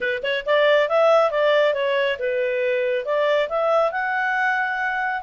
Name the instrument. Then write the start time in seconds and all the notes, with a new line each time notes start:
clarinet
0.00 B4
0.23 C#5
0.45 D5
0.88 E5
1.30 D5
1.73 C#5
2.18 B4
3.05 D5
3.48 E5
3.91 F#5